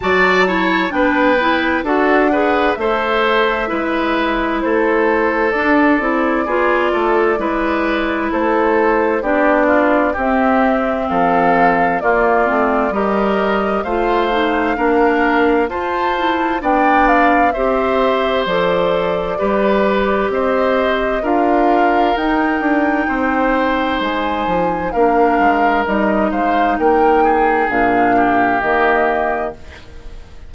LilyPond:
<<
  \new Staff \with { instrumentName = "flute" } { \time 4/4 \tempo 4 = 65 a''4 g''4 fis''4 e''4~ | e''4 c''4 d''2~ | d''4 c''4 d''4 e''4 | f''4 d''4 dis''4 f''4~ |
f''4 a''4 g''8 f''8 e''4 | d''2 dis''4 f''4 | g''2 gis''4 f''4 | dis''8 f''8 g''4 f''4 dis''4 | }
  \new Staff \with { instrumentName = "oboe" } { \time 4/4 d''8 cis''8 b'4 a'8 b'8 c''4 | b'4 a'2 gis'8 a'8 | b'4 a'4 g'8 f'8 g'4 | a'4 f'4 ais'4 c''4 |
ais'4 c''4 d''4 c''4~ | c''4 b'4 c''4 ais'4~ | ais'4 c''2 ais'4~ | ais'8 c''8 ais'8 gis'4 g'4. | }
  \new Staff \with { instrumentName = "clarinet" } { \time 4/4 fis'8 e'8 d'8 e'8 fis'8 gis'8 a'4 | e'2 d'8 e'8 f'4 | e'2 d'4 c'4~ | c'4 ais8 c'8 g'4 f'8 dis'8 |
d'4 f'8 e'8 d'4 g'4 | a'4 g'2 f'4 | dis'2. d'4 | dis'2 d'4 ais4 | }
  \new Staff \with { instrumentName = "bassoon" } { \time 4/4 fis4 b4 d'4 a4 | gis4 a4 d'8 c'8 b8 a8 | gis4 a4 b4 c'4 | f4 ais8 a8 g4 a4 |
ais4 f'4 b4 c'4 | f4 g4 c'4 d'4 | dis'8 d'8 c'4 gis8 f8 ais8 gis8 | g8 gis8 ais4 ais,4 dis4 | }
>>